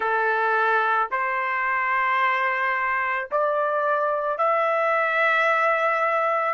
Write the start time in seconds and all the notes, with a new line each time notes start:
0.00 A4
1.11 C5
3.31 D5
4.37 E5